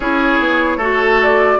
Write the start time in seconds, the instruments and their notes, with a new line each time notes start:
0.00 bassoon C#4, clarinet E4, oboe G#4, flute C#5
0.39 bassoon B3
0.77 bassoon A3, clarinet F#4, oboe A4
1.22 flute D5